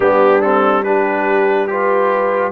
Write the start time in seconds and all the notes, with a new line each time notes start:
0.00 G3 B3 D4 G4
0.41 C4 A4
0.83 D4 G4 B4
1.67 F4 G4 B4